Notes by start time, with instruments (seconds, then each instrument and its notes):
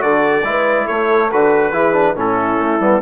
0.00 bassoon D3, trombone F#4, horn A4, trumpet D5
0.43 bassoon G#3, trombone E4, horn B4
0.85 bassoon A3, horn A4, trumpet C#5
1.32 bassoon D3, trombone F#4, trumpet B4
1.72 bassoon E3, trombone E4, horn G#4
1.94 trombone D4
2.15 bassoon A2, trombone C#4, horn E4, trumpet A4
2.59 bassoon A3
2.80 bassoon G3, trombone B3